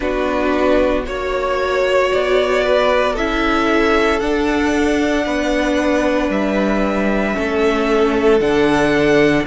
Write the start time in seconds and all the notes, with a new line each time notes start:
0.00 B3 D4 F#4 B4
1.05 A#3 F#4 C#5
2.12 B3 D5
2.62 B4
3.13 C#4 E4 A4 E5
4.19 D4 F#5
5.26 B3 B4
6.29 G3 E5
7.34 A3 C#4 A4
8.40 D3 D4 F#5